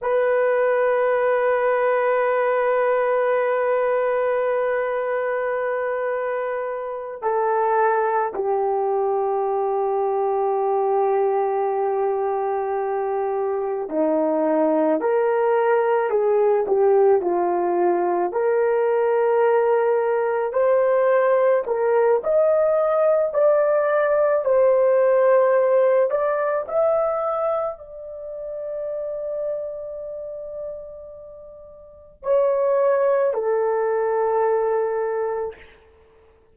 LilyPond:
\new Staff \with { instrumentName = "horn" } { \time 4/4 \tempo 4 = 54 b'1~ | b'2~ b'8 a'4 g'8~ | g'1~ | g'8 dis'4 ais'4 gis'8 g'8 f'8~ |
f'8 ais'2 c''4 ais'8 | dis''4 d''4 c''4. d''8 | e''4 d''2.~ | d''4 cis''4 a'2 | }